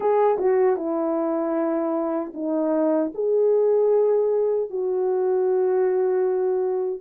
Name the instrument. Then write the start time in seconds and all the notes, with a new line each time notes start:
horn
0.00 G#4
0.38 F#4
0.76 E4
2.34 D#4
3.14 G#4
4.70 F#4